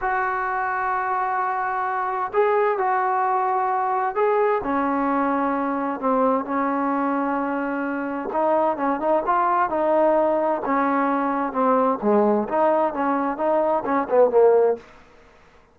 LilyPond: \new Staff \with { instrumentName = "trombone" } { \time 4/4 \tempo 4 = 130 fis'1~ | fis'4 gis'4 fis'2~ | fis'4 gis'4 cis'2~ | cis'4 c'4 cis'2~ |
cis'2 dis'4 cis'8 dis'8 | f'4 dis'2 cis'4~ | cis'4 c'4 gis4 dis'4 | cis'4 dis'4 cis'8 b8 ais4 | }